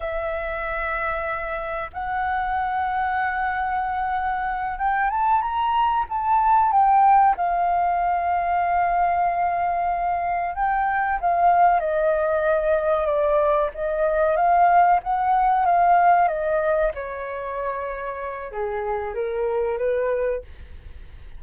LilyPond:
\new Staff \with { instrumentName = "flute" } { \time 4/4 \tempo 4 = 94 e''2. fis''4~ | fis''2.~ fis''8 g''8 | a''8 ais''4 a''4 g''4 f''8~ | f''1~ |
f''8 g''4 f''4 dis''4.~ | dis''8 d''4 dis''4 f''4 fis''8~ | fis''8 f''4 dis''4 cis''4.~ | cis''4 gis'4 ais'4 b'4 | }